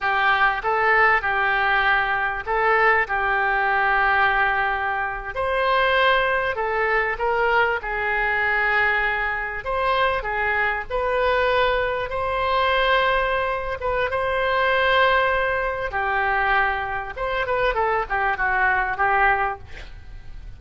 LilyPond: \new Staff \with { instrumentName = "oboe" } { \time 4/4 \tempo 4 = 98 g'4 a'4 g'2 | a'4 g'2.~ | g'8. c''2 a'4 ais'16~ | ais'8. gis'2. c''16~ |
c''8. gis'4 b'2 c''16~ | c''2~ c''8 b'8 c''4~ | c''2 g'2 | c''8 b'8 a'8 g'8 fis'4 g'4 | }